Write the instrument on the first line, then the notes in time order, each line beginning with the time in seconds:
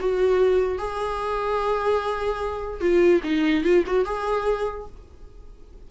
viola
0.00 F#4
0.78 G#4
2.81 F4
3.24 D#4
3.64 F4
3.87 F#4
4.05 G#4